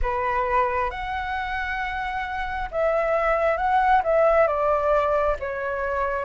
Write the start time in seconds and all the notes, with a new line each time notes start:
0.02 B4
0.90 F#5
2.71 E5
3.57 F#5
4.03 E5
4.47 D5
5.39 C#5